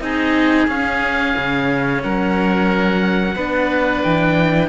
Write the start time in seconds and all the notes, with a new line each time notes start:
0.00 C4 D#4 G#4 D#5
0.68 C#4 F5
1.37 C#3
2.04 F#3 A#4 F#5
3.36 B3 D4 B4
4.03 E3 G5